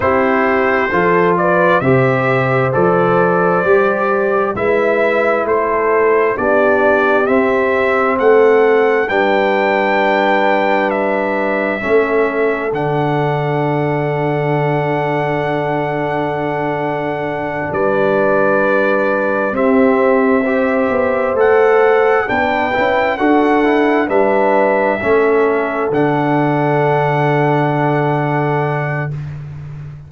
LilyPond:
<<
  \new Staff \with { instrumentName = "trumpet" } { \time 4/4 \tempo 4 = 66 c''4. d''8 e''4 d''4~ | d''4 e''4 c''4 d''4 | e''4 fis''4 g''2 | e''2 fis''2~ |
fis''2.~ fis''8 d''8~ | d''4. e''2 fis''8~ | fis''8 g''4 fis''4 e''4.~ | e''8 fis''2.~ fis''8 | }
  \new Staff \with { instrumentName = "horn" } { \time 4/4 g'4 a'8 b'8 c''2~ | c''4 b'4 a'4 g'4~ | g'4 a'4 b'2~ | b'4 a'2.~ |
a'2.~ a'8 b'8~ | b'4. g'4 c''4.~ | c''8 b'4 a'4 b'4 a'8~ | a'1 | }
  \new Staff \with { instrumentName = "trombone" } { \time 4/4 e'4 f'4 g'4 a'4 | g'4 e'2 d'4 | c'2 d'2~ | d'4 cis'4 d'2~ |
d'1~ | d'4. c'4 g'4 a'8~ | a'8 d'8 e'8 fis'8 e'8 d'4 cis'8~ | cis'8 d'2.~ d'8 | }
  \new Staff \with { instrumentName = "tuba" } { \time 4/4 c'4 f4 c4 f4 | g4 gis4 a4 b4 | c'4 a4 g2~ | g4 a4 d2~ |
d2.~ d8 g8~ | g4. c'4. b8 a8~ | a8 b8 cis'8 d'4 g4 a8~ | a8 d2.~ d8 | }
>>